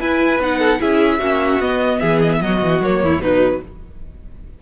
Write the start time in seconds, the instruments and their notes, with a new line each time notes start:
0.00 viola E4, cello E4, violin B4 G#5
0.39 cello B3, viola D#4, violin F#5
0.59 violin A4
0.80 cello C#4, viola E4, violin G#4 E5
1.19 cello A#3, viola C#4, violin F#4
1.60 cello B3, viola B3, violin D#5
1.99 cello E3, violin G#4 E5
2.22 violin D#5
2.33 violin E5
2.41 cello F#3, violin F#4 D#5
2.62 cello E3
2.80 cello F#3, viola A#3, violin C#5
3.03 cello E2, violin E4
3.20 cello B2, viola F#3, violin D#4 B4